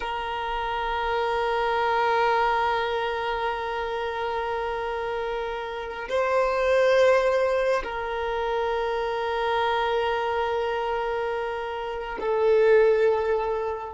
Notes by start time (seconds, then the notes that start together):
0.00 A#4
6.08 C5
7.83 A#4
12.20 A4